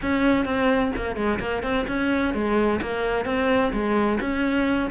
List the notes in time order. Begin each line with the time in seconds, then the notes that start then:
0.01 C#4
0.45 C4
0.96 A#3
1.16 G#3
1.39 A#3
1.62 C4
1.87 C#4
2.34 G#3
2.81 A#3
3.25 C4
3.73 G#3
4.20 C#4